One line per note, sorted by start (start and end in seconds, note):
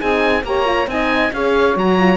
0.00 0.44 C4
0.00 0.45 D#4
0.00 0.44 G#4
0.00 0.45 G#5
0.44 0.87 A#3
0.44 0.65 G4
0.44 0.90 C#5
0.44 0.89 A#5
0.65 0.87 F4
0.87 1.31 C4
0.87 1.33 D#4
0.87 1.33 D#5
0.87 1.34 G#5
1.32 1.76 C#4
1.32 1.77 G#4
1.32 2.17 C#5
1.32 1.78 F5
1.76 2.17 F#3
1.76 1.98 F#4
1.76 2.17 A#5
1.98 2.17 F4